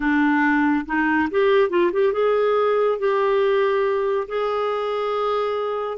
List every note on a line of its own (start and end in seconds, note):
0.00 0.85 D4
0.86 1.29 D#4
1.30 1.69 G4
1.69 1.91 F4
1.92 2.12 G4
2.12 2.98 G#4
2.98 4.27 G4
4.28 5.97 G#4